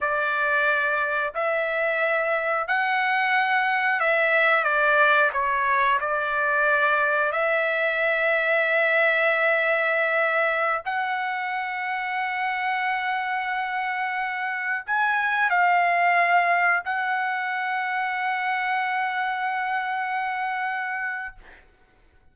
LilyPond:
\new Staff \with { instrumentName = "trumpet" } { \time 4/4 \tempo 4 = 90 d''2 e''2 | fis''2 e''4 d''4 | cis''4 d''2 e''4~ | e''1~ |
e''16 fis''2.~ fis''8.~ | fis''2~ fis''16 gis''4 f''8.~ | f''4~ f''16 fis''2~ fis''8.~ | fis''1 | }